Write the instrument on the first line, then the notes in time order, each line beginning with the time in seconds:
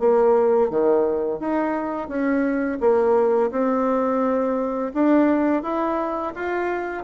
bassoon
0.00 A#3
0.70 D#3
1.40 D#4
2.09 C#4
2.80 A#3
3.51 C4
4.94 D4
5.63 E4
6.36 F4